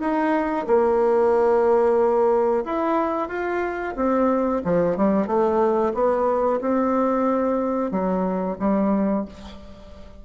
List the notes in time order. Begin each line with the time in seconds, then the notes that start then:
0.00 D#4
0.67 A#3
2.65 E4
3.28 F4
3.96 C4
4.64 F3
4.97 G3
5.27 A3
5.94 B3
6.61 C4
7.91 F#3
8.59 G3